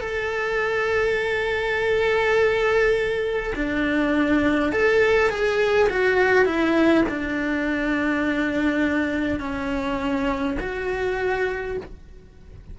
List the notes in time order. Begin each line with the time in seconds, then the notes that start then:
0.00 A4
3.55 D4
4.72 A4
5.30 G#4
5.89 F#4
6.45 E4
7.09 D4
9.40 C#4
10.60 F#4